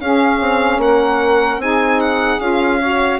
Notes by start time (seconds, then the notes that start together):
0.00 C#4 G#4 F5
0.40 C4
0.78 A#3 A#4 F#5
1.58 C4 D#4 G#4 G#5
2.00 F#5
2.39 C#4 F4 F5
2.78 F#4 C#5